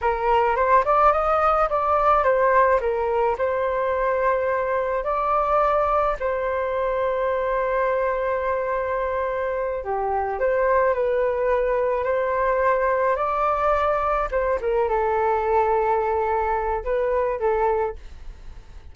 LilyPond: \new Staff \with { instrumentName = "flute" } { \time 4/4 \tempo 4 = 107 ais'4 c''8 d''8 dis''4 d''4 | c''4 ais'4 c''2~ | c''4 d''2 c''4~ | c''1~ |
c''4. g'4 c''4 b'8~ | b'4. c''2 d''8~ | d''4. c''8 ais'8 a'4.~ | a'2 b'4 a'4 | }